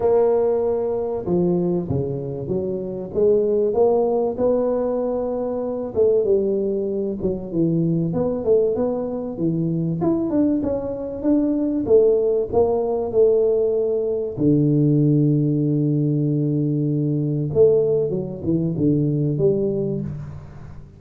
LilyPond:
\new Staff \with { instrumentName = "tuba" } { \time 4/4 \tempo 4 = 96 ais2 f4 cis4 | fis4 gis4 ais4 b4~ | b4. a8 g4. fis8 | e4 b8 a8 b4 e4 |
e'8 d'8 cis'4 d'4 a4 | ais4 a2 d4~ | d1 | a4 fis8 e8 d4 g4 | }